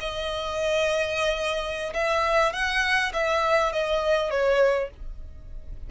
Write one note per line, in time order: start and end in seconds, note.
0.00 1.93 D#5
1.93 2.53 E5
2.53 3.12 F#5
3.13 3.72 E5
3.72 4.30 D#5
4.30 4.90 C#5